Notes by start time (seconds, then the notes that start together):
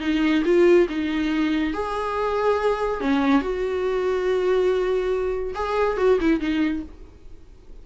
0.00 D#4
0.44 F4
0.89 D#4
1.73 G#4
3.00 C#4
3.41 F#4
5.54 G#4
5.97 F#4
6.20 E4
6.40 D#4